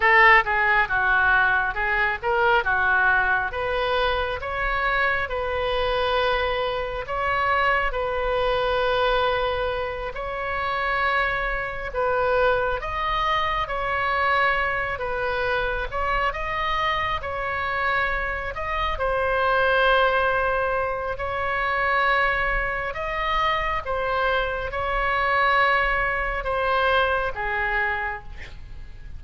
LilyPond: \new Staff \with { instrumentName = "oboe" } { \time 4/4 \tempo 4 = 68 a'8 gis'8 fis'4 gis'8 ais'8 fis'4 | b'4 cis''4 b'2 | cis''4 b'2~ b'8 cis''8~ | cis''4. b'4 dis''4 cis''8~ |
cis''4 b'4 cis''8 dis''4 cis''8~ | cis''4 dis''8 c''2~ c''8 | cis''2 dis''4 c''4 | cis''2 c''4 gis'4 | }